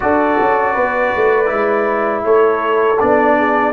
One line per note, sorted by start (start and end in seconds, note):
0.00 0.39 D4
0.00 1.45 F#4
0.00 0.74 A4
0.00 2.24 D5
0.40 0.75 C#4
0.74 1.12 B3
0.74 2.24 B4
1.15 1.50 A3
1.45 2.24 G#3
1.45 2.95 E4
2.24 2.99 A3
2.24 3.38 A4
2.24 2.99 C#5
2.99 3.72 B3
2.99 3.72 D4
2.99 3.72 D5
3.38 3.72 G#4